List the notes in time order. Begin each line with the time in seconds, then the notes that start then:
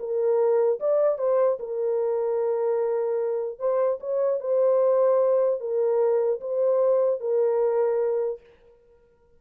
0.00 A#4
0.80 D5
1.19 C5
1.60 A#4
3.60 C5
4.01 C#5
4.41 C5
5.61 A#4
6.41 C5
7.21 A#4